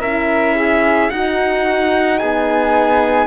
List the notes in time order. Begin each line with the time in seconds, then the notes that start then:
0.00 C#4 E4 A#4 E5
0.56 G#4
1.11 D#4 F#4 F#5
2.19 B3 G#4 G#5